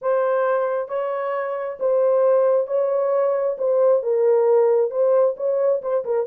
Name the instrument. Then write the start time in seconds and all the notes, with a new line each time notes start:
horn
0.01 C5
0.88 C#5
1.79 C5
2.67 C#5
3.58 C5
4.02 A#4
4.90 C5
5.36 C#5
5.82 C5
6.04 A#4